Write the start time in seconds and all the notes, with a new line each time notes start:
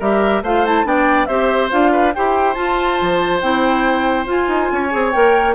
0.00 G3 G4 A#4 E5
0.42 A3 F4 C5 F5
0.65 E4 A5
0.84 B3 D4 D5 G5
1.26 C4 G4 C5 E5
1.70 D4 F4 F5
1.92 B4
2.14 E4 G4 C5 G5
2.54 F4 A5
3.01 F3
3.41 C4 E4 G5
4.26 F4 G#5
4.48 D#4
4.72 C#4 C#5
4.90 C4 G#4
5.11 A#3 A#4 G5